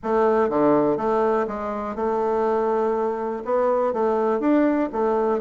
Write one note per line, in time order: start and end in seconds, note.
0.03 0.49 A3
0.49 0.97 D3
0.97 1.46 A3
1.47 1.95 G#3
1.95 3.43 A3
3.44 3.93 B3
3.93 4.39 A3
4.39 4.89 D4
4.92 5.40 A3